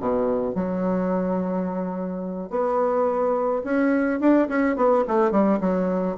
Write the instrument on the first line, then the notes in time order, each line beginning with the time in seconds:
bassoon
0.00 B2
0.55 F#3
2.50 B3
3.64 C#4
4.20 D4
4.49 C#4
4.76 B3
5.08 A3
5.32 G3
5.61 F#3